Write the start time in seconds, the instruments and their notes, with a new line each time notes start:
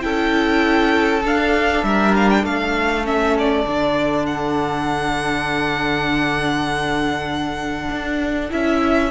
0.00 cello C#4, viola E4, violin A4 G5
1.24 cello D4, viola D4, violin F5
1.83 cello G3, violin A#4 E5
2.15 violin F5
2.29 violin G5
2.43 cello A3, violin A4 F5
3.04 viola C#4, violin E5
3.38 violin D5
3.65 cello D3, viola D4
4.26 violin F#5
7.90 cello D4
8.49 cello C#4, viola E4, violin E5